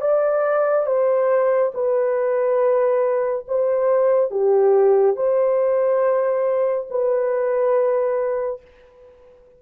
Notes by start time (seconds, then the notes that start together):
0.00 D5
0.86 C5
1.74 B4
3.48 C5
4.31 G4
5.16 C5
6.90 B4